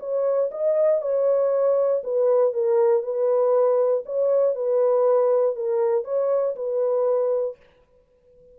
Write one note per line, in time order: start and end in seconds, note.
0.00 0.50 C#5
0.51 1.02 D#5
1.02 2.03 C#5
2.04 2.53 B4
2.53 3.03 A#4
3.03 4.04 B4
4.06 4.55 C#5
4.55 5.56 B4
5.56 6.05 A#4
6.05 6.55 C#5
6.56 7.57 B4